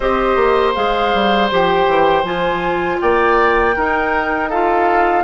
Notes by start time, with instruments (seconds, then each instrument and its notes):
0.00 bassoon C4, clarinet G4, oboe C5, flute D#5
0.36 bassoon A#3
0.74 bassoon G#3, clarinet G#4, flute F5
1.14 bassoon G3
1.51 bassoon F3, clarinet G4, flute G5
1.87 bassoon E3
2.23 bassoon F3, clarinet F4, flute G#5
3.00 bassoon A#3, oboe D5, flute G5
3.75 bassoon D#4, clarinet D#4, oboe A#4
4.49 clarinet F4, oboe A4, flute F5